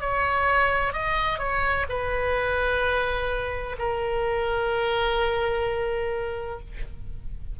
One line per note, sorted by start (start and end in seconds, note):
0.00 0.93 C#5
0.93 1.38 D#5
1.38 1.85 C#5
1.88 3.76 B4
3.78 6.60 A#4